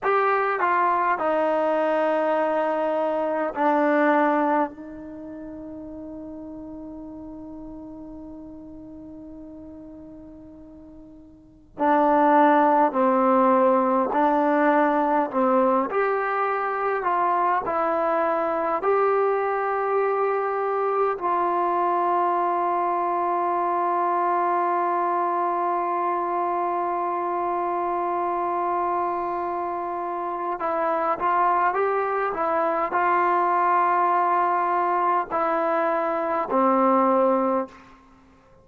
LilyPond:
\new Staff \with { instrumentName = "trombone" } { \time 4/4 \tempo 4 = 51 g'8 f'8 dis'2 d'4 | dis'1~ | dis'2 d'4 c'4 | d'4 c'8 g'4 f'8 e'4 |
g'2 f'2~ | f'1~ | f'2 e'8 f'8 g'8 e'8 | f'2 e'4 c'4 | }